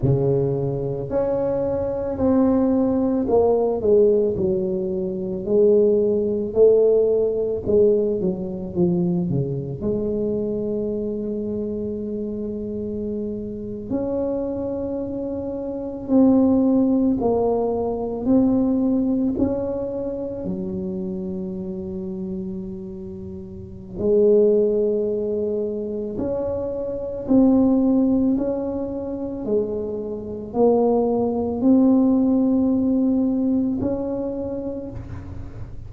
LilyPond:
\new Staff \with { instrumentName = "tuba" } { \time 4/4 \tempo 4 = 55 cis4 cis'4 c'4 ais8 gis8 | fis4 gis4 a4 gis8 fis8 | f8 cis8 gis2.~ | gis8. cis'2 c'4 ais16~ |
ais8. c'4 cis'4 fis4~ fis16~ | fis2 gis2 | cis'4 c'4 cis'4 gis4 | ais4 c'2 cis'4 | }